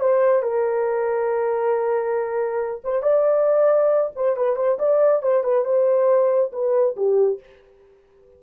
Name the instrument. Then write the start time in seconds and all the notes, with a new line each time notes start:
horn
0.00 C5
0.42 A#4
2.84 C5
3.03 D5
4.16 C5
4.36 B4
4.56 C5
4.79 D5
5.22 C5
5.44 B4
5.65 C5
6.53 B4
6.96 G4